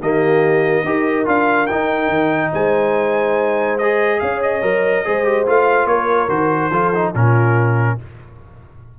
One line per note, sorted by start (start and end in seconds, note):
0.00 0.84 D#3
0.00 0.85 A#3
0.00 0.85 G4
0.00 1.27 D#5
0.84 1.26 D#4
0.84 1.24 G4
0.84 2.51 A#4
1.24 1.69 D4
1.24 1.66 F4
1.24 1.66 F5
1.66 3.80 D#4
1.66 2.08 D#4
1.66 2.50 G5
2.08 2.50 D#3
2.51 4.21 G#3
2.51 4.19 C5
2.51 3.78 G#5
3.78 4.62 G#4
3.78 4.19 D#5
4.19 4.62 C#4
4.19 5.05 C#5
4.19 4.40 F5
4.42 5.47 D#5
4.62 5.04 F#3
4.62 5.04 A#4
5.04 5.47 G#3
5.04 5.24 G#4
5.04 5.89 C5
5.24 5.45 G4
5.46 5.85 A3
5.46 6.29 F4
5.46 5.86 F5
5.85 6.27 A#3
5.85 6.71 A#4
5.85 6.28 C#5
6.28 6.70 D#3
6.28 6.71 F#4
6.28 7.12 C5
6.70 7.12 F3
6.70 6.93 F4
6.70 7.12 A4
6.94 7.14 D#4
7.12 7.98 A#2
7.12 7.98 C#4
7.12 7.96 F4
7.12 7.99 A#4